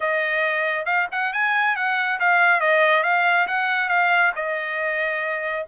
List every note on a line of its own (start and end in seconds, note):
0.00 0.85 D#5
0.85 1.07 F5
1.11 1.33 F#5
1.33 1.75 G#5
1.75 2.19 F#5
2.19 2.60 F5
2.60 3.03 D#5
3.03 3.46 F5
3.47 3.88 F#5
3.88 4.32 F5
4.35 5.65 D#5